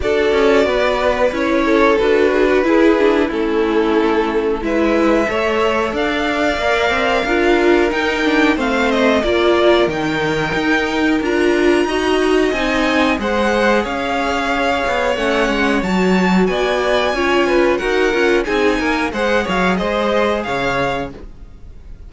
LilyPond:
<<
  \new Staff \with { instrumentName = "violin" } { \time 4/4 \tempo 4 = 91 d''2 cis''4 b'4~ | b'4 a'2 e''4~ | e''4 f''2. | g''4 f''8 dis''8 d''4 g''4~ |
g''4 ais''2 gis''4 | fis''4 f''2 fis''4 | a''4 gis''2 fis''4 | gis''4 fis''8 f''8 dis''4 f''4 | }
  \new Staff \with { instrumentName = "violin" } { \time 4/4 a'4 b'4. a'4 gis'16 fis'16 | gis'4 e'2 b'4 | cis''4 d''2 ais'4~ | ais'4 c''4 ais'2~ |
ais'2 dis''2 | c''4 cis''2.~ | cis''4 d''4 cis''8 b'8 ais'4 | gis'8 ais'8 c''8 cis''8 c''4 cis''4 | }
  \new Staff \with { instrumentName = "viola" } { \time 4/4 fis'2 e'4 fis'4 | e'8 d'8 cis'2 e'4 | a'2 ais'4 f'4 | dis'8 d'8 c'4 f'4 dis'4~ |
dis'4 f'4 fis'4 dis'4 | gis'2. cis'4 | fis'2 f'4 fis'8 f'8 | dis'4 gis'2. | }
  \new Staff \with { instrumentName = "cello" } { \time 4/4 d'8 cis'8 b4 cis'4 d'4 | e'4 a2 gis4 | a4 d'4 ais8 c'8 d'4 | dis'4 a4 ais4 dis4 |
dis'4 d'4 dis'4 c'4 | gis4 cis'4. b8 a8 gis8 | fis4 b4 cis'4 dis'8 cis'8 | c'8 ais8 gis8 fis8 gis4 cis4 | }
>>